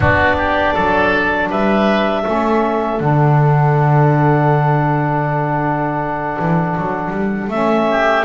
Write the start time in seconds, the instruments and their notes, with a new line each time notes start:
0.00 double bass B3, saxophone D4, oboe F#4, clarinet D5
0.37 oboe G4
0.74 double bass F#3, oboe A4
1.49 double bass G3, oboe B4, clarinet E5
2.22 double bass A3, saxophone C#4, oboe A4
2.99 double bass D3, saxophone D4, clarinet F#5
6.38 double bass E3
6.77 double bass F#3
7.10 double bass G3
7.48 double bass A3, saxophone C#4, clarinet E5
7.90 oboe G4